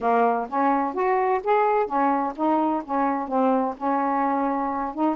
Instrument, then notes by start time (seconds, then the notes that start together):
saxophone
0.00 A#3
0.49 C#4
0.94 F#4
1.43 G#4
1.86 C#4
2.35 D#4
2.84 C#4
3.27 C4
3.77 C#4
4.94 D#4